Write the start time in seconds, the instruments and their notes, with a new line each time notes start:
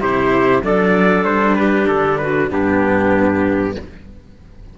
0.00 cello C3 E4, clarinet G4, trumpet C5
0.63 cello F#3 D4, clarinet A4, trumpet D5
1.23 cello G3, trumpet C5
1.56 clarinet G4, trumpet B4
1.88 cello D3, trumpet A4
2.18 clarinet F#4, trumpet B4
2.50 cello G2 B3, clarinet D4, trumpet G4